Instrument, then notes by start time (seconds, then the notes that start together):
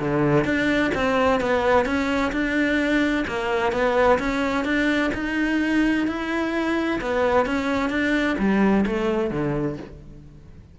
cello
0.00 D3
0.45 D4
0.95 C4
1.41 B3
1.85 C#4
2.32 D4
3.28 A#3
3.72 B3
4.19 C#4
4.65 D4
5.14 D#4
6.07 E4
7.01 B3
7.46 C#4
7.90 D4
8.39 G3
8.86 A3
9.31 D3